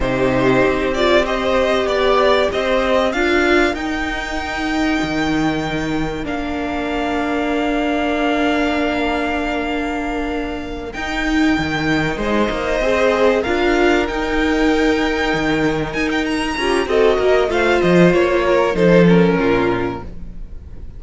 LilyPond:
<<
  \new Staff \with { instrumentName = "violin" } { \time 4/4 \tempo 4 = 96 c''4. d''8 dis''4 d''4 | dis''4 f''4 g''2~ | g''2 f''2~ | f''1~ |
f''4. g''2 dis''8~ | dis''4. f''4 g''4.~ | g''4. gis''16 g''16 ais''4 dis''4 | f''8 dis''8 cis''4 c''8 ais'4. | }
  \new Staff \with { instrumentName = "violin" } { \time 4/4 g'2 c''4 d''4 | c''4 ais'2.~ | ais'1~ | ais'1~ |
ais'2.~ ais'8 c''8~ | c''4. ais'2~ ais'8~ | ais'2~ ais'8 g'8 a'8 ais'8 | c''4. ais'8 a'4 f'4 | }
  \new Staff \with { instrumentName = "viola" } { \time 4/4 dis'4. f'8 g'2~ | g'4 f'4 dis'2~ | dis'2 d'2~ | d'1~ |
d'4. dis'2~ dis'8~ | dis'8 gis'4 f'4 dis'4.~ | dis'2~ dis'8 f'8 fis'4 | f'2 dis'8 cis'4. | }
  \new Staff \with { instrumentName = "cello" } { \time 4/4 c4 c'2 b4 | c'4 d'4 dis'2 | dis2 ais2~ | ais1~ |
ais4. dis'4 dis4 gis8 | ais8 c'4 d'4 dis'4.~ | dis'8 dis4 dis'4 cis'8 c'8 ais8 | a8 f8 ais4 f4 ais,4 | }
>>